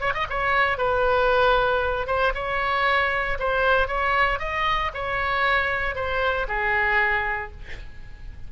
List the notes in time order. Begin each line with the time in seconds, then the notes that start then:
0.00 C#5
0.14 D#5
0.29 C#5
0.77 B4
2.06 C5
2.34 C#5
3.39 C5
3.87 C#5
4.39 D#5
4.93 C#5
5.95 C5
6.48 G#4